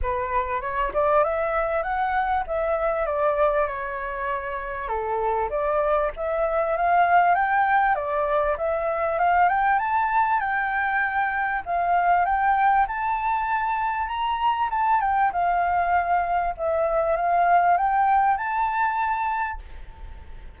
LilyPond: \new Staff \with { instrumentName = "flute" } { \time 4/4 \tempo 4 = 98 b'4 cis''8 d''8 e''4 fis''4 | e''4 d''4 cis''2 | a'4 d''4 e''4 f''4 | g''4 d''4 e''4 f''8 g''8 |
a''4 g''2 f''4 | g''4 a''2 ais''4 | a''8 g''8 f''2 e''4 | f''4 g''4 a''2 | }